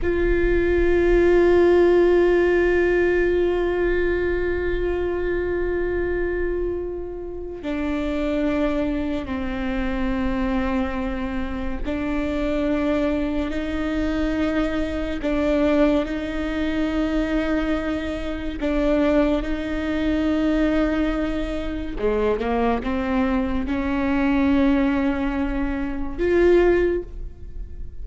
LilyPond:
\new Staff \with { instrumentName = "viola" } { \time 4/4 \tempo 4 = 71 f'1~ | f'1~ | f'4 d'2 c'4~ | c'2 d'2 |
dis'2 d'4 dis'4~ | dis'2 d'4 dis'4~ | dis'2 gis8 ais8 c'4 | cis'2. f'4 | }